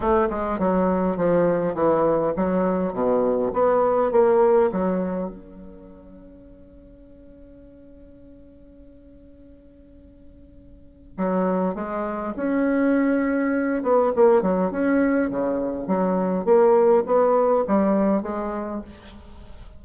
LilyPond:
\new Staff \with { instrumentName = "bassoon" } { \time 4/4 \tempo 4 = 102 a8 gis8 fis4 f4 e4 | fis4 b,4 b4 ais4 | fis4 cis'2.~ | cis'1~ |
cis'2. fis4 | gis4 cis'2~ cis'8 b8 | ais8 fis8 cis'4 cis4 fis4 | ais4 b4 g4 gis4 | }